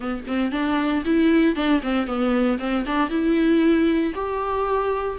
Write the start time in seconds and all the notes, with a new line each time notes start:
0.00 B3
0.27 C4
0.51 D4
1.05 E4
1.55 D4
1.82 C4
2.06 B3
2.58 C4
2.86 D4
3.09 E4
4.14 G4